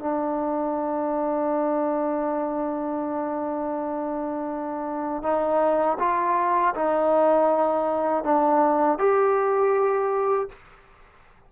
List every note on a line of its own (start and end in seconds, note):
0.00 5.23 D4
5.23 5.98 D#4
5.99 6.74 F4
6.75 8.24 D#4
8.24 8.99 D4
8.99 10.49 G4